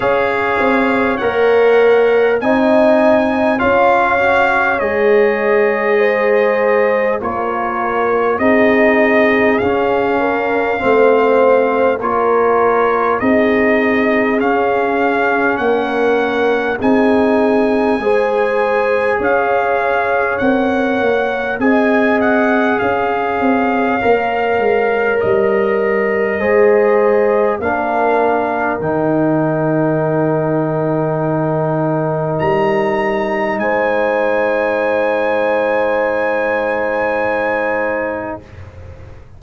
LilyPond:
<<
  \new Staff \with { instrumentName = "trumpet" } { \time 4/4 \tempo 4 = 50 f''4 fis''4 gis''4 f''4 | dis''2 cis''4 dis''4 | f''2 cis''4 dis''4 | f''4 fis''4 gis''2 |
f''4 fis''4 gis''8 fis''8 f''4~ | f''4 dis''2 f''4 | g''2. ais''4 | gis''1 | }
  \new Staff \with { instrumentName = "horn" } { \time 4/4 cis''2 dis''4 cis''4~ | cis''4 c''4 ais'4 gis'4~ | gis'8 ais'8 c''4 ais'4 gis'4~ | gis'4 ais'4 gis'4 c''4 |
cis''2 dis''4 cis''4~ | cis''2 c''4 ais'4~ | ais'1 | c''1 | }
  \new Staff \with { instrumentName = "trombone" } { \time 4/4 gis'4 ais'4 dis'4 f'8 fis'8 | gis'2 f'4 dis'4 | cis'4 c'4 f'4 dis'4 | cis'2 dis'4 gis'4~ |
gis'4 ais'4 gis'2 | ais'2 gis'4 d'4 | dis'1~ | dis'1 | }
  \new Staff \with { instrumentName = "tuba" } { \time 4/4 cis'8 c'8 ais4 c'4 cis'4 | gis2 ais4 c'4 | cis'4 a4 ais4 c'4 | cis'4 ais4 c'4 gis4 |
cis'4 c'8 ais8 c'4 cis'8 c'8 | ais8 gis8 g4 gis4 ais4 | dis2. g4 | gis1 | }
>>